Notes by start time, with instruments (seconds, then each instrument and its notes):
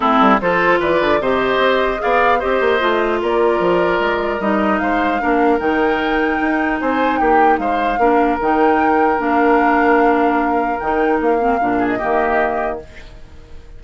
0.00 bassoon A3, clarinet C4, oboe E4, flute A4
0.20 bassoon G3
0.40 bassoon F3, clarinet F4, oboe A4, flute C5
0.79 bassoon E3, oboe B4, flute D5
1.01 bassoon D3
1.20 bassoon C3, clarinet G4, oboe C5, flute D#5
1.58 bassoon C4
1.98 bassoon B3, clarinet G#4, oboe D5, flute F5
2.39 bassoon C4, clarinet G4, oboe C5, flute D#5
2.60 bassoon A#3
2.79 bassoon A3, clarinet F4
3.21 bassoon A#3, oboe A#4, flute D5
3.59 bassoon F3
3.99 bassoon G#3
4.40 bassoon G3, clarinet D#4, flute D#5
4.78 bassoon G#3, oboe C5, flute F5
5.19 bassoon A#3, clarinet D4, oboe A#4
5.58 bassoon D#3, clarinet D#4, flute G5
6.40 bassoon D#4
6.80 bassoon C4, oboe C5, flute G#5
7.17 bassoon A#3, oboe G4, flute G5
7.58 bassoon G#3, oboe C5, flute F5
7.98 bassoon A#3, clarinet D4, oboe A#4
8.40 bassoon D#3, clarinet D#4, flute G5
9.17 bassoon A#3, clarinet D4, flute F5
10.79 bassoon D#3, clarinet D#4, flute G5
11.20 bassoon A#3, flute F5
11.39 clarinet C4
11.60 bassoon A#2, clarinet D4
11.78 oboe G#4
11.88 flute D#5
11.98 bassoon D#3, clarinet A#3, oboe G4